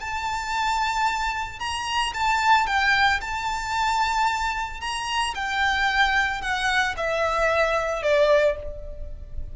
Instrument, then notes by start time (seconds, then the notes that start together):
violin
0.00 A5
1.59 A#5
2.14 A5
2.66 G5
3.21 A5
4.80 A#5
5.34 G5
6.41 F#5
6.97 E5
8.02 D5